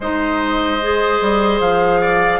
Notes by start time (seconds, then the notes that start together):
0.00 G#3 D#4 C5 D#5
0.81 G#4
1.21 G3
1.60 F3 F5
2.00 D5